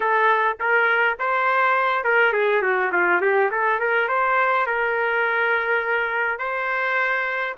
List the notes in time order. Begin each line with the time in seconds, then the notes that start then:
0.00 A4
0.60 A#4
1.19 C5
2.04 A#4
2.32 G#4
2.62 F#4
2.92 F4
3.21 G4
3.51 A4
3.79 A#4
4.08 C5
4.66 A#4
6.38 C5